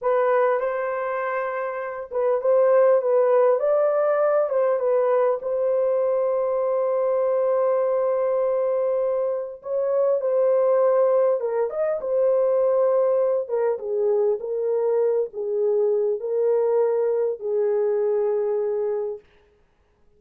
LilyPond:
\new Staff \with { instrumentName = "horn" } { \time 4/4 \tempo 4 = 100 b'4 c''2~ c''8 b'8 | c''4 b'4 d''4. c''8 | b'4 c''2.~ | c''1 |
cis''4 c''2 ais'8 dis''8 | c''2~ c''8 ais'8 gis'4 | ais'4. gis'4. ais'4~ | ais'4 gis'2. | }